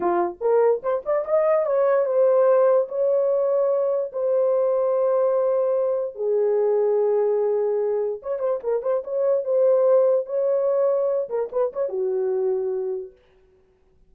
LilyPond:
\new Staff \with { instrumentName = "horn" } { \time 4/4 \tempo 4 = 146 f'4 ais'4 c''8 d''8 dis''4 | cis''4 c''2 cis''4~ | cis''2 c''2~ | c''2. gis'4~ |
gis'1 | cis''8 c''8 ais'8 c''8 cis''4 c''4~ | c''4 cis''2~ cis''8 ais'8 | b'8 cis''8 fis'2. | }